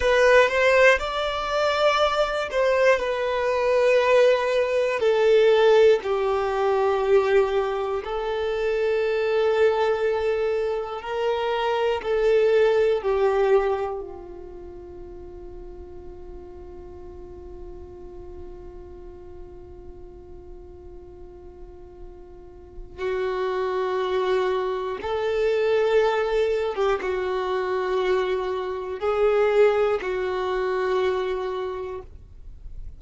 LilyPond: \new Staff \with { instrumentName = "violin" } { \time 4/4 \tempo 4 = 60 b'8 c''8 d''4. c''8 b'4~ | b'4 a'4 g'2 | a'2. ais'4 | a'4 g'4 f'2~ |
f'1~ | f'2. fis'4~ | fis'4 a'4.~ a'16 g'16 fis'4~ | fis'4 gis'4 fis'2 | }